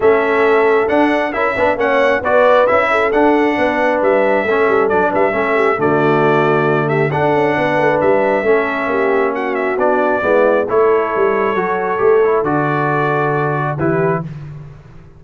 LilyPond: <<
  \new Staff \with { instrumentName = "trumpet" } { \time 4/4 \tempo 4 = 135 e''2 fis''4 e''4 | fis''4 d''4 e''4 fis''4~ | fis''4 e''2 d''8 e''8~ | e''4 d''2~ d''8 e''8 |
fis''2 e''2~ | e''4 fis''8 e''8 d''2 | cis''1 | d''2. b'4 | }
  \new Staff \with { instrumentName = "horn" } { \time 4/4 a'2. ais'8 b'8 | cis''4 b'4. a'4. | b'2 a'4. b'8 | a'8 g'8 fis'2~ fis'8 g'8 |
a'4 b'2 a'4 | g'4 fis'2 e'4 | a'1~ | a'2. g'4 | }
  \new Staff \with { instrumentName = "trombone" } { \time 4/4 cis'2 d'4 e'8 d'8 | cis'4 fis'4 e'4 d'4~ | d'2 cis'4 d'4 | cis'4 a2. |
d'2. cis'4~ | cis'2 d'4 b4 | e'2 fis'4 g'8 e'8 | fis'2. e'4 | }
  \new Staff \with { instrumentName = "tuba" } { \time 4/4 a2 d'4 cis'8 b8 | ais4 b4 cis'4 d'4 | b4 g4 a8 g8 fis8 g8 | a4 d2. |
d'8 cis'8 b8 a8 g4 a4 | ais2 b4 gis4 | a4 g4 fis4 a4 | d2. e4 | }
>>